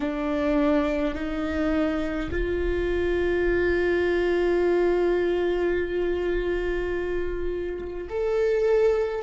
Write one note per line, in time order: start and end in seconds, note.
0.00 1.14 D4
1.14 2.30 D#4
2.31 8.08 F4
8.09 9.23 A4